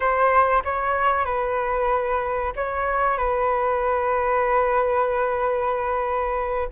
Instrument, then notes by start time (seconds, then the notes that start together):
flute
0.00 C5
0.64 C#5
1.25 B4
2.56 C#5
3.17 B4